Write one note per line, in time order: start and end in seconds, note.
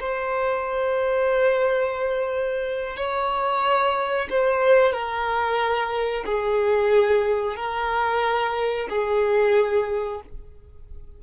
0.00 2.96 C5
2.96 4.28 C#5
4.30 4.92 C5
4.92 6.24 A#4
6.25 7.56 G#4
7.56 8.88 A#4
8.89 10.21 G#4